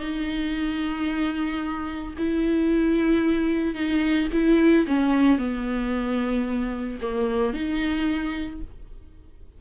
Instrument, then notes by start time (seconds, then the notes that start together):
viola
0.00 D#4
2.18 E4
3.75 D#4
4.33 E4
4.87 C#4
5.38 B3
7.02 A#3
7.54 D#4